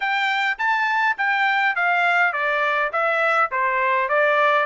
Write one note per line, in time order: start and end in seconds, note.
0.00 0.58 G5
0.58 1.17 A5
1.17 1.75 G5
1.75 2.32 F5
2.32 2.91 D5
2.92 3.50 E5
3.51 4.08 C5
4.08 4.65 D5